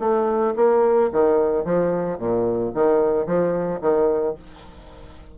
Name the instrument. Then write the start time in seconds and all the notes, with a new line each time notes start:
bassoon
0.00 A3
0.56 A#3
1.12 D#3
1.65 F3
2.18 A#2
2.74 D#3
3.26 F3
3.81 D#3